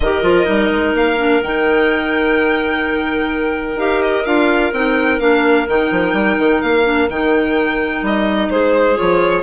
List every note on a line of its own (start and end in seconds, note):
0.00 0.22 D#3
0.00 0.22 G4
0.00 8.51 A#4
0.00 0.95 D#5
0.22 0.45 F3
0.22 0.45 F4
0.45 0.70 G3
0.45 1.16 D#4
0.70 0.94 G#3
0.94 1.41 A#3
0.94 1.43 F5
1.17 1.41 D4
1.41 3.75 D#3
1.41 3.77 D#4
1.41 3.79 G5
3.75 4.22 D#4
3.75 4.24 G4
3.75 4.02 F5
4.02 4.25 D#5
4.25 4.72 D4
4.25 4.72 F4
4.25 4.72 F5
4.72 5.19 C4
4.72 5.19 D#4
4.72 5.19 G5
5.19 5.67 A#3
5.19 5.66 D4
5.19 5.66 F5
5.68 5.91 D#3
5.68 6.83 D#4
5.68 6.61 G5
5.91 6.13 F3
6.13 6.36 G3
6.38 6.62 D#3
6.61 7.08 A#3
6.61 7.08 F5
6.83 7.07 D4
7.08 8.02 D#3
7.08 8.95 D#4
7.08 8.04 G5
8.02 8.49 G3
8.02 8.50 D#5
8.50 8.97 G#3
8.50 9.42 G#4
8.50 8.97 C5
8.95 9.42 F3
8.95 9.42 F4
8.95 9.42 C#5